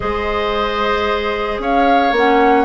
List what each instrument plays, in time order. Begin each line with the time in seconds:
0.00 bassoon G#3, clarinet G#4, oboe C5, flute D#5
1.58 bassoon C#4, oboe C#5, flute F5
2.11 bassoon A#3, clarinet C#4, flute F#5